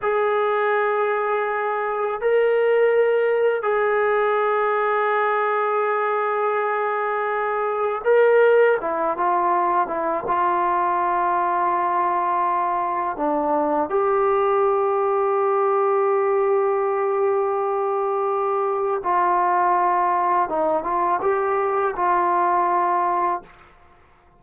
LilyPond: \new Staff \with { instrumentName = "trombone" } { \time 4/4 \tempo 4 = 82 gis'2. ais'4~ | ais'4 gis'2.~ | gis'2. ais'4 | e'8 f'4 e'8 f'2~ |
f'2 d'4 g'4~ | g'1~ | g'2 f'2 | dis'8 f'8 g'4 f'2 | }